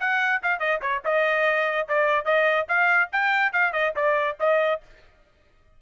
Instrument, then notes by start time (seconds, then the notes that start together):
trumpet
0.00 F#5
0.43 F5
0.59 D#5
0.81 C#5
1.05 D#5
1.88 D5
2.25 D#5
2.68 F5
3.12 G5
3.53 F5
3.73 D#5
3.96 D5
4.40 D#5